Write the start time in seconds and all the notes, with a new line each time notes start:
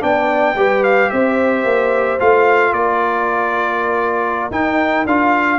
0.00 B3 D4 D5 G5
0.55 G3 G4 B4
0.84 F5
1.10 C4 C5 E5
1.65 A#3
2.19 A3 F4 F5
2.72 A#3 A#4 D5
4.50 D#4 G5
5.06 D4 F4 F5